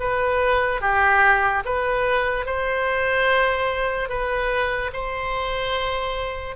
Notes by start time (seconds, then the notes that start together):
0.00 B4
0.81 G4
1.65 B4
2.46 C5
4.09 B4
4.94 C5